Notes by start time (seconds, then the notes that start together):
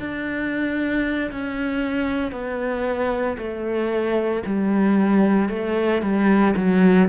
0.00 D4
1.32 C#4
2.33 B3
3.38 A3
4.46 G3
5.50 A3
6.02 G3
6.57 F#3